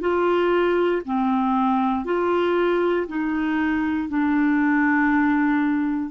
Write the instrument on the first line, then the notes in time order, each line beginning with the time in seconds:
clarinet
0.00 F4
1.05 C4
2.05 F4
3.07 D#4
4.09 D4